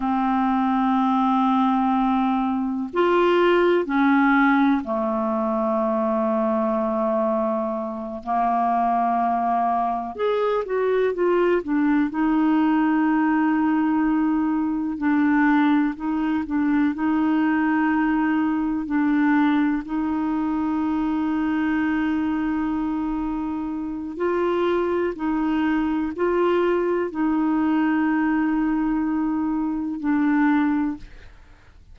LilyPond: \new Staff \with { instrumentName = "clarinet" } { \time 4/4 \tempo 4 = 62 c'2. f'4 | cis'4 a2.~ | a8 ais2 gis'8 fis'8 f'8 | d'8 dis'2. d'8~ |
d'8 dis'8 d'8 dis'2 d'8~ | d'8 dis'2.~ dis'8~ | dis'4 f'4 dis'4 f'4 | dis'2. d'4 | }